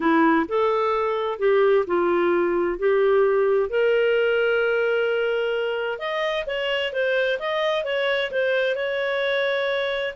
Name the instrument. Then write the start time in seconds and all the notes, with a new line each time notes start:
clarinet
0.00 E4
0.48 A4
1.38 G4
1.86 F4
2.78 G4
3.69 A#4
5.98 D#5
6.46 C#5
6.92 C5
7.39 D#5
7.84 C#5
8.31 C5
8.75 C#5